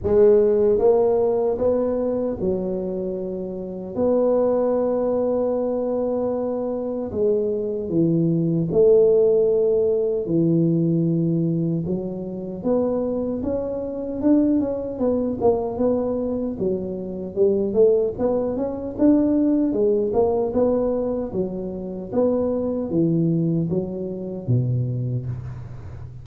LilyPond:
\new Staff \with { instrumentName = "tuba" } { \time 4/4 \tempo 4 = 76 gis4 ais4 b4 fis4~ | fis4 b2.~ | b4 gis4 e4 a4~ | a4 e2 fis4 |
b4 cis'4 d'8 cis'8 b8 ais8 | b4 fis4 g8 a8 b8 cis'8 | d'4 gis8 ais8 b4 fis4 | b4 e4 fis4 b,4 | }